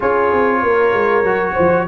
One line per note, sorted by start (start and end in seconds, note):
0.00 0.32 C#4
0.00 1.24 F4
0.00 0.60 G#4
0.00 1.87 C#5
0.32 0.62 C4
0.62 0.93 A#3
0.62 1.53 A#4
0.93 1.23 G#3
1.23 1.54 F#3
1.23 1.87 F#4
1.53 1.87 F3
1.53 1.84 C5